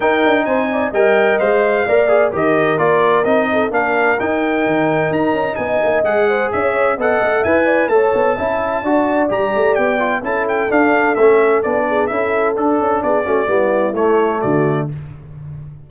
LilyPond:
<<
  \new Staff \with { instrumentName = "trumpet" } { \time 4/4 \tempo 4 = 129 g''4 gis''4 g''4 f''4~ | f''4 dis''4 d''4 dis''4 | f''4 g''2 ais''4 | gis''4 fis''4 e''4 fis''4 |
gis''4 a''2. | ais''4 g''4 a''8 g''8 f''4 | e''4 d''4 e''4 a'4 | d''2 cis''4 d''4 | }
  \new Staff \with { instrumentName = "horn" } { \time 4/4 ais'4 c''8 d''8 dis''2 | d''4 ais'2~ ais'8 a'8 | ais'1 | dis''4. c''8 cis''4 dis''4 |
e''8 d''8 cis''4 e''4 d''4~ | d''2 a'2~ | a'4. gis'8 a'2 | gis'8 fis'8 e'2 fis'4 | }
  \new Staff \with { instrumentName = "trombone" } { \time 4/4 dis'2 ais'4 c''4 | ais'8 gis'8 g'4 f'4 dis'4 | d'4 dis'2.~ | dis'4 gis'2 a'4 |
b'4 a'4 e'4 fis'4 | g'4. f'8 e'4 d'4 | cis'4 d'4 e'4 d'4~ | d'8 cis'8 b4 a2 | }
  \new Staff \with { instrumentName = "tuba" } { \time 4/4 dis'8 d'8 c'4 g4 gis4 | ais4 dis4 ais4 c'4 | ais4 dis'4 dis4 dis'8 cis'8 | b8 ais8 gis4 cis'4 b8 a8 |
e'4 a8 b8 cis'4 d'4 | g8 a8 b4 cis'4 d'4 | a4 b4 cis'4 d'8 cis'8 | b8 a8 g4 a4 d4 | }
>>